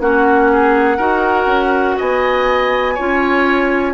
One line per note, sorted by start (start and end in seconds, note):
0.00 0.99 A#3
0.00 0.98 C#4
0.00 0.51 F#4
0.00 1.98 F#5
0.52 0.97 G#4
0.97 1.47 D#4
0.97 2.96 F#4
0.97 1.96 A#4
1.47 1.96 C#4
1.98 2.99 B3
1.98 2.95 D#5
1.98 3.94 G#5
2.95 3.94 C#4
2.95 3.94 F4
2.95 3.93 C#5